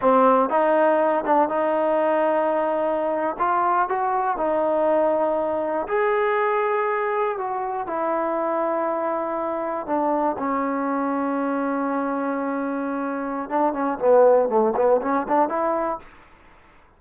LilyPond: \new Staff \with { instrumentName = "trombone" } { \time 4/4 \tempo 4 = 120 c'4 dis'4. d'8 dis'4~ | dis'2~ dis'8. f'4 fis'16~ | fis'8. dis'2. gis'16~ | gis'2~ gis'8. fis'4 e'16~ |
e'2.~ e'8. d'16~ | d'8. cis'2.~ cis'16~ | cis'2. d'8 cis'8 | b4 a8 b8 cis'8 d'8 e'4 | }